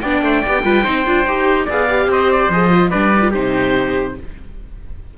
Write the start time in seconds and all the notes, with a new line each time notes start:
0.00 B3 D4 D5 G5
0.22 A3 C5
0.41 G4 D5
0.47 B3
0.63 G3 F4 B4
0.83 C4 D#4 C5
1.06 D4 F4
1.25 D#4 G4
1.65 B3 G#4 D5 F5
1.88 G4
2.06 C4 C5 D#5
2.31 D5
2.49 F3 G#4 D#5
2.71 F4
2.89 G3 D4 B4 D5
3.15 D#4 F4
3.31 C3 D#4 G4 C5